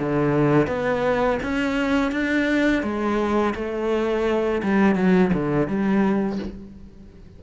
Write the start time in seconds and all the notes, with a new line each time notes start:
0.00 D3
0.67 B3
1.43 C#4
2.12 D4
2.83 G#3
3.55 A3
4.63 G3
4.95 F#3
5.33 D3
5.68 G3